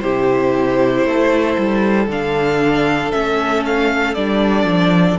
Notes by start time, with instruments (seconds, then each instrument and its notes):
0.00 cello C3, viola E4, violin G4 C5
1.05 cello A3, violin A4
1.58 cello G3
2.08 cello D3, viola D4, violin F5
3.12 cello A3, viola C#4, violin E5
3.66 violin F5
4.15 cello G3, viola D4, violin D5
4.65 cello F3